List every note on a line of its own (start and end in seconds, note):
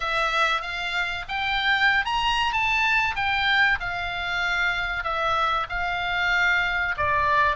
0.00 0.61 E5
0.61 1.24 F5
1.28 2.05 G5
2.05 2.52 A#5
2.52 3.15 A5
3.15 3.78 G5
3.80 5.03 F5
5.03 5.66 E5
5.69 6.95 F5
6.97 7.56 D5